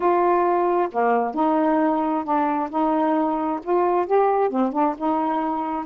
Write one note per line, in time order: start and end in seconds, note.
0.00 0.88 F4
0.91 1.34 A#3
1.34 2.24 D#4
2.24 2.69 D4
2.69 3.60 D#4
3.63 4.06 F4
4.06 4.50 G4
4.50 4.72 C4
4.72 4.95 D4
4.97 5.85 D#4